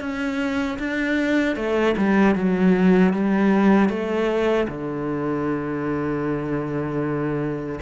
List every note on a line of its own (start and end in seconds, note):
0.00 0.78 C#4
0.79 1.56 D4
1.56 1.95 A3
1.97 2.35 G3
2.35 3.13 F#3
3.13 3.89 G3
3.89 4.67 A3
4.68 7.80 D3